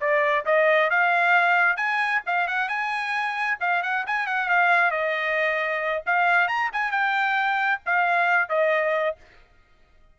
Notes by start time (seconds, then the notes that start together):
0.00 D5
0.45 D#5
0.90 F5
1.76 G#5
2.26 F5
2.47 F#5
2.68 G#5
3.60 F5
3.82 F#5
4.06 G#5
4.26 F#5
4.49 F5
4.91 D#5
6.06 F5
6.48 A#5
6.72 G#5
6.91 G5
7.86 F5
8.49 D#5